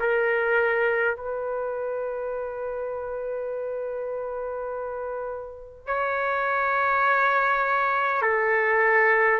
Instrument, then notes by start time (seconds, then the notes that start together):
trumpet
0.00 A#4
1.17 B4
5.87 C#5
8.22 A4